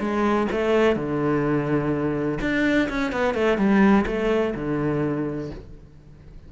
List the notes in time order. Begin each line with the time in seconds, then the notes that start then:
0.00 G#3
0.52 A3
0.96 D3
2.42 D4
2.90 C#4
3.12 B3
3.35 A3
3.58 G3
4.07 A3
4.55 D3